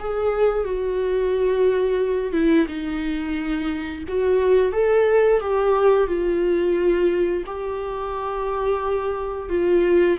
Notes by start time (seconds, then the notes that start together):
0.00 G#4
0.65 F#4
2.33 E4
2.68 D#4
4.08 F#4
4.73 A4
5.41 G4
6.08 F4
7.46 G4
9.50 F4